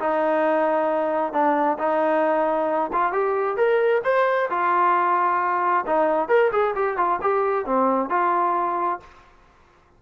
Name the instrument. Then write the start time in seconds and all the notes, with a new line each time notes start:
trombone
0.00 D#4
1.33 D4
1.79 D#4
2.93 F4
3.13 G4
3.57 A#4
4.05 C5
4.50 F4
5.87 D#4
6.29 A#4
6.52 G#4
6.76 G4
6.98 F4
7.22 G4
7.66 C4
8.10 F4